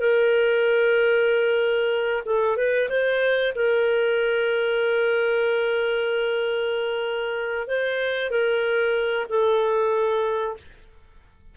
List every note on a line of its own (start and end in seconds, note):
0.00 2.23 A#4
2.25 2.57 A4
2.57 2.89 B4
2.89 3.53 C5
3.55 7.67 A#4
7.67 8.30 C5
8.30 9.26 A#4
9.29 10.56 A4